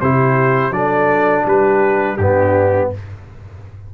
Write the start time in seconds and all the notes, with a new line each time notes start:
0.00 C3 E4 G4 C5
0.70 F#3 D4 A4 D5
1.44 G3 G4 B4
2.16 G2 B3 D4 G4